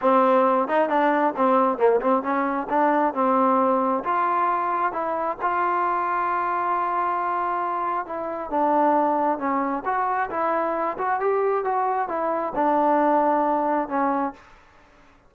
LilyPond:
\new Staff \with { instrumentName = "trombone" } { \time 4/4 \tempo 4 = 134 c'4. dis'8 d'4 c'4 | ais8 c'8 cis'4 d'4 c'4~ | c'4 f'2 e'4 | f'1~ |
f'2 e'4 d'4~ | d'4 cis'4 fis'4 e'4~ | e'8 fis'8 g'4 fis'4 e'4 | d'2. cis'4 | }